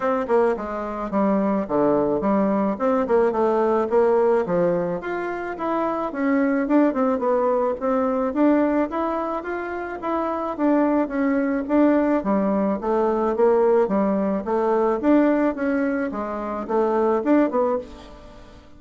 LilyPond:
\new Staff \with { instrumentName = "bassoon" } { \time 4/4 \tempo 4 = 108 c'8 ais8 gis4 g4 d4 | g4 c'8 ais8 a4 ais4 | f4 f'4 e'4 cis'4 | d'8 c'8 b4 c'4 d'4 |
e'4 f'4 e'4 d'4 | cis'4 d'4 g4 a4 | ais4 g4 a4 d'4 | cis'4 gis4 a4 d'8 b8 | }